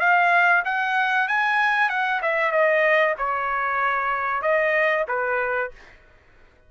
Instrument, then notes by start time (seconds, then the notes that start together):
trumpet
0.00 F5
0.65 F#5
1.28 G#5
1.89 F#5
2.22 E5
2.52 D#5
3.18 C#5
4.42 D#5
5.08 B4